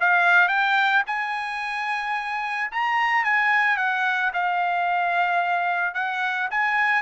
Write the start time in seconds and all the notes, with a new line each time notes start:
0.00 F5
0.48 G5
1.07 G#5
2.71 A#5
3.24 G#5
3.77 F#5
4.33 F5
5.94 F#5
6.50 G#5